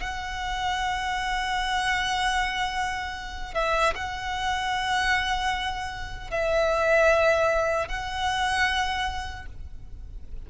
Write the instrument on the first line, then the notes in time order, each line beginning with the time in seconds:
violin
0.00 F#5
3.54 E5
3.95 F#5
6.30 E5
7.88 F#5